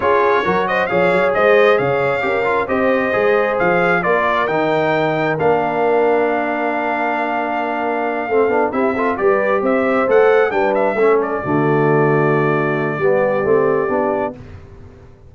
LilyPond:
<<
  \new Staff \with { instrumentName = "trumpet" } { \time 4/4 \tempo 4 = 134 cis''4. dis''8 f''4 dis''4 | f''2 dis''2 | f''4 d''4 g''2 | f''1~ |
f''2.~ f''8 e''8~ | e''8 d''4 e''4 fis''4 g''8 | e''4 d''2.~ | d''1 | }
  \new Staff \with { instrumentName = "horn" } { \time 4/4 gis'4 ais'8 c''8 cis''4 c''4 | cis''4 ais'4 c''2~ | c''4 ais'2.~ | ais'1~ |
ais'2~ ais'8 a'4 g'8 | a'8 b'4 c''2 b'8~ | b'8 a'4 fis'2~ fis'8~ | fis'4 g'2. | }
  \new Staff \with { instrumentName = "trombone" } { \time 4/4 f'4 fis'4 gis'2~ | gis'4 g'8 f'8 g'4 gis'4~ | gis'4 f'4 dis'2 | d'1~ |
d'2~ d'8 c'8 d'8 e'8 | f'8 g'2 a'4 d'8~ | d'8 cis'4 a2~ a8~ | a4 b4 c'4 d'4 | }
  \new Staff \with { instrumentName = "tuba" } { \time 4/4 cis'4 fis4 f8 fis8 gis4 | cis4 cis'4 c'4 gis4 | f4 ais4 dis2 | ais1~ |
ais2~ ais8 a8 b8 c'8~ | c'8 g4 c'4 a4 g8~ | g8 a4 d2~ d8~ | d4 g4 a4 b4 | }
>>